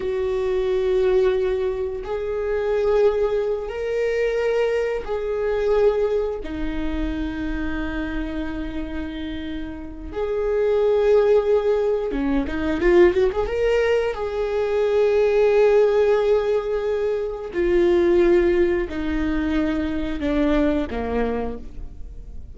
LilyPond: \new Staff \with { instrumentName = "viola" } { \time 4/4 \tempo 4 = 89 fis'2. gis'4~ | gis'4. ais'2 gis'8~ | gis'4. dis'2~ dis'8~ | dis'2. gis'4~ |
gis'2 cis'8 dis'8 f'8 fis'16 gis'16 | ais'4 gis'2.~ | gis'2 f'2 | dis'2 d'4 ais4 | }